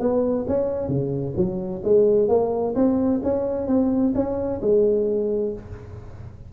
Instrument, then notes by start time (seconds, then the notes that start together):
tuba
0.00 B3
0.48 C#4
0.88 C#3
1.37 F#3
1.84 G#3
2.29 A#3
2.76 C4
3.24 C#4
3.68 C4
4.15 C#4
4.62 G#3